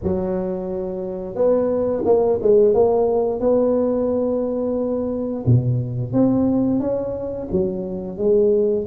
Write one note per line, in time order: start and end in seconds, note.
0.03 1.35 F#3
1.35 2.03 B3
2.05 2.39 A#3
2.42 2.74 G#3
2.74 3.40 A#3
3.40 5.44 B3
5.46 6.12 B2
6.12 6.80 C4
6.80 7.48 C#4
7.51 8.17 F#3
8.17 8.85 G#3